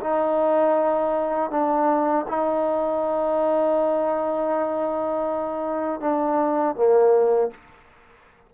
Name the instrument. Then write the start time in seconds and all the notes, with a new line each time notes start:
trombone
0.00 D#4
1.50 D4
2.27 D#4
6.00 D4
6.75 A#3